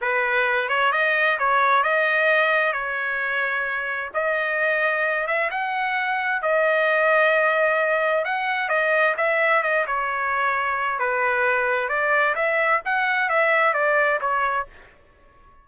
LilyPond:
\new Staff \with { instrumentName = "trumpet" } { \time 4/4 \tempo 4 = 131 b'4. cis''8 dis''4 cis''4 | dis''2 cis''2~ | cis''4 dis''2~ dis''8 e''8 | fis''2 dis''2~ |
dis''2 fis''4 dis''4 | e''4 dis''8 cis''2~ cis''8 | b'2 d''4 e''4 | fis''4 e''4 d''4 cis''4 | }